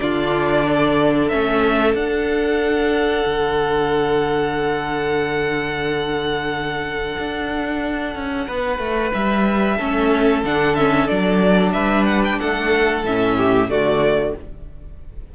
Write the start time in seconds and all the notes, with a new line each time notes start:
0.00 D3 D4 F4 D5
0.68 A4
1.29 A3 C#4 E5
1.95 D4 F#5
3.26 D3
7.19 D4
8.16 C#4
8.47 B3 B4
8.79 A3
9.14 G3 E5
9.77 A3 C#4 A4
10.44 D3 D4 F#5
10.76 C#4 E5
11.08 F#3 D4 D5
11.73 G3 B4 E5
12.06 F#5
12.25 G5
12.40 A3 A4 F#5
13.04 A2 C#4 E5
13.37 G4
13.69 D3 A3 F#4 D5